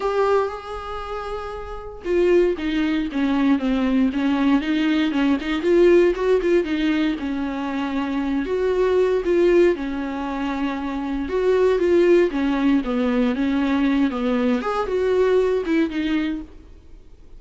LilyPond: \new Staff \with { instrumentName = "viola" } { \time 4/4 \tempo 4 = 117 g'4 gis'2. | f'4 dis'4 cis'4 c'4 | cis'4 dis'4 cis'8 dis'8 f'4 | fis'8 f'8 dis'4 cis'2~ |
cis'8 fis'4. f'4 cis'4~ | cis'2 fis'4 f'4 | cis'4 b4 cis'4. b8~ | b8 gis'8 fis'4. e'8 dis'4 | }